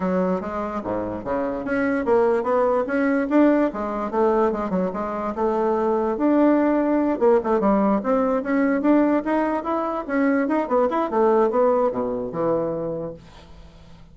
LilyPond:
\new Staff \with { instrumentName = "bassoon" } { \time 4/4 \tempo 4 = 146 fis4 gis4 gis,4 cis4 | cis'4 ais4 b4 cis'4 | d'4 gis4 a4 gis8 fis8 | gis4 a2 d'4~ |
d'4. ais8 a8 g4 c'8~ | c'8 cis'4 d'4 dis'4 e'8~ | e'8 cis'4 dis'8 b8 e'8 a4 | b4 b,4 e2 | }